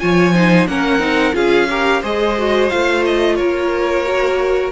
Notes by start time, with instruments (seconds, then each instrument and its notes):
0.00 cello F3, viola F4, violin C#5 G#5
0.34 viola D#4, violin C5
0.67 cello A#3, viola C#4, violin A#4 F#5
0.99 cello C4, viola D#4
1.33 cello C#4, viola F4, violin G#4 F5
1.70 viola G4, violin A#4
2.01 cello G#3, viola G#4, violin C5 D#5
2.38 viola F#4
2.70 cello A3, viola F4, violin F5
3.05 violin D#5
3.36 cello A#3, violin A#4 C#5
4.05 viola F#4